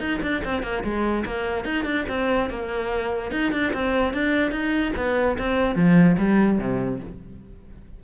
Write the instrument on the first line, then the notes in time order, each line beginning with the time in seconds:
cello
0.00 D#4
0.22 D4
0.45 C4
0.63 A#3
0.84 G#3
1.25 A#3
1.65 D#4
1.85 D4
2.09 C4
2.50 A#3
3.32 D#4
3.52 D4
3.74 C4
4.14 D4
4.51 D#4
4.97 B3
5.38 C4
5.76 F3
6.18 G3
6.59 C3